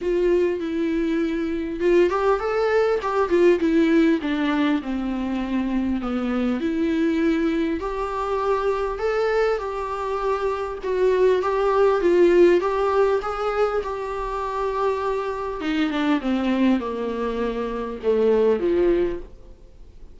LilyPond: \new Staff \with { instrumentName = "viola" } { \time 4/4 \tempo 4 = 100 f'4 e'2 f'8 g'8 | a'4 g'8 f'8 e'4 d'4 | c'2 b4 e'4~ | e'4 g'2 a'4 |
g'2 fis'4 g'4 | f'4 g'4 gis'4 g'4~ | g'2 dis'8 d'8 c'4 | ais2 a4 f4 | }